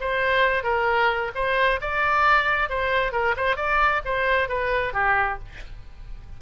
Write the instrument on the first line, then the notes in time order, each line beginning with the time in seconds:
oboe
0.00 C5
0.63 A#4
1.35 C5
1.81 D5
2.69 C5
3.12 A#4
3.37 C5
3.56 D5
4.05 C5
4.48 B4
4.93 G4